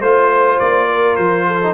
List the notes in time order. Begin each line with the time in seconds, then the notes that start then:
0.00 A3 F4 C5
0.59 A#3 D5
0.88 A#4
1.16 F3 C5
1.47 A4
1.62 D#4